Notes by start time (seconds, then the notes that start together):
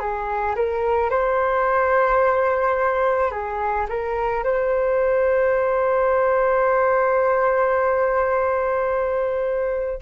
0.00 G#4
0.56 A#4
1.11 C5
3.32 G#4
3.89 A#4
4.44 C5